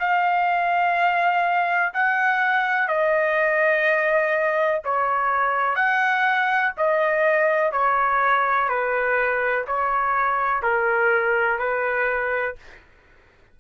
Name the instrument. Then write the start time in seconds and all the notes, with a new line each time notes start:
trumpet
0.00 F5
1.94 F#5
2.89 D#5
4.85 C#5
5.76 F#5
6.77 D#5
7.72 C#5
8.69 B4
9.67 C#5
10.63 A#4
11.60 B4